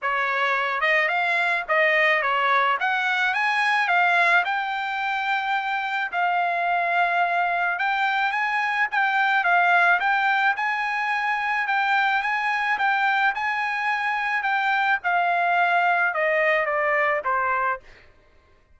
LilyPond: \new Staff \with { instrumentName = "trumpet" } { \time 4/4 \tempo 4 = 108 cis''4. dis''8 f''4 dis''4 | cis''4 fis''4 gis''4 f''4 | g''2. f''4~ | f''2 g''4 gis''4 |
g''4 f''4 g''4 gis''4~ | gis''4 g''4 gis''4 g''4 | gis''2 g''4 f''4~ | f''4 dis''4 d''4 c''4 | }